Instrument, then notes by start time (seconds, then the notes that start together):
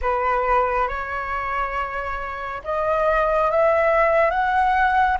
flute
0.01 B4
0.88 C#5
2.64 D#5
3.51 E5
4.30 F#5